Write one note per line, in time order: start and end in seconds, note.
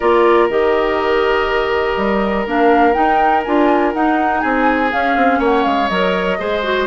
0.00 0.49 A#3
0.00 0.49 F4
0.00 4.40 A#4
0.00 0.48 D5
0.49 1.97 D#3
0.49 2.46 G4
0.49 2.47 D#5
1.97 2.46 G3
2.46 2.95 A#3
2.46 2.93 D4
2.46 2.93 F5
2.93 3.42 D#4
2.93 3.45 D#4
2.93 3.42 G5
3.43 3.94 D4
3.43 3.94 F4
3.43 3.93 G#5
3.93 4.43 D#4
3.93 4.90 D#4
3.93 4.40 F#5
4.40 4.92 C4
4.40 5.39 G#4
4.40 4.89 G#5
4.90 5.89 C#4
4.90 5.15 C#4
4.90 5.41 F5
5.15 5.39 C4
5.39 5.63 A#3
5.39 6.37 C#5
5.39 5.63 F#5
5.63 5.89 G#3
5.63 5.88 F5
5.88 6.38 F#3
5.88 6.38 A#4
5.88 6.86 D#5
6.38 6.86 G#3
6.38 6.63 G#4
6.38 6.86 C5
6.63 6.86 F#4